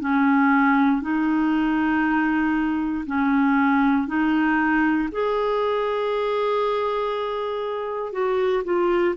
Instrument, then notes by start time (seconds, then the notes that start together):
clarinet
0.00 C#4
1.01 D#4
3.06 C#4
4.07 D#4
5.12 G#4
8.12 F#4
8.64 F4